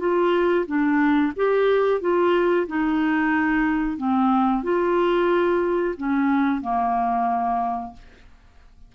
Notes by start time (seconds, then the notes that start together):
0.00 F4
0.67 D4
1.36 G4
2.01 F4
2.67 D#4
3.98 C4
4.63 F4
5.98 C#4
6.62 A#3